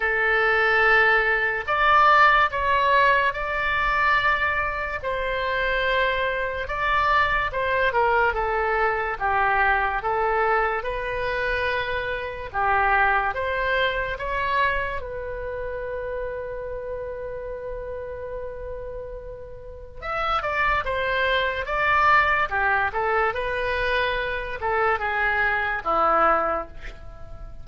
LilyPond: \new Staff \with { instrumentName = "oboe" } { \time 4/4 \tempo 4 = 72 a'2 d''4 cis''4 | d''2 c''2 | d''4 c''8 ais'8 a'4 g'4 | a'4 b'2 g'4 |
c''4 cis''4 b'2~ | b'1 | e''8 d''8 c''4 d''4 g'8 a'8 | b'4. a'8 gis'4 e'4 | }